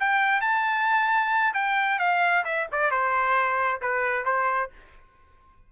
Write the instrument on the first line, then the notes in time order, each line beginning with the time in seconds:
trumpet
0.00 G5
0.41 A5
1.54 G5
2.00 F5
2.45 E5
2.72 D5
2.91 C5
3.82 B4
4.25 C5